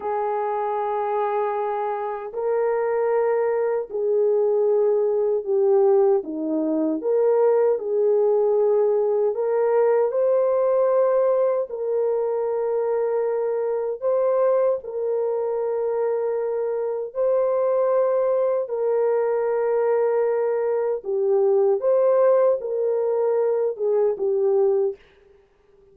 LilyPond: \new Staff \with { instrumentName = "horn" } { \time 4/4 \tempo 4 = 77 gis'2. ais'4~ | ais'4 gis'2 g'4 | dis'4 ais'4 gis'2 | ais'4 c''2 ais'4~ |
ais'2 c''4 ais'4~ | ais'2 c''2 | ais'2. g'4 | c''4 ais'4. gis'8 g'4 | }